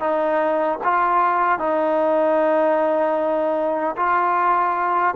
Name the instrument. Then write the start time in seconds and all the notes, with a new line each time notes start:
trombone
0.00 D#4
0.84 F4
1.59 D#4
3.97 F4